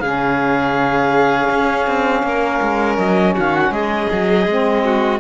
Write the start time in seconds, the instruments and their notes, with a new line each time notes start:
0.00 cello C#3, saxophone C#4, violin G#4, clarinet F5
1.50 cello C#4
1.87 cello C4
2.23 cello A#3, violin A#4
2.62 cello G#3
2.97 cello F#3, clarinet D#5
3.34 cello D#3, violin F#4, clarinet F5
3.55 clarinet F#5
3.71 cello G#3, violin G#4, clarinet D#5
4.12 cello F#3
4.46 cello G#3, saxophone C4
4.85 violin F#4